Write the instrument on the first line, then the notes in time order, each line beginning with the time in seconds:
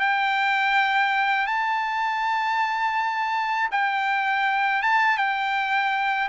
trumpet
0.00 G5
1.47 A5
3.72 G5
4.82 A5
5.17 G5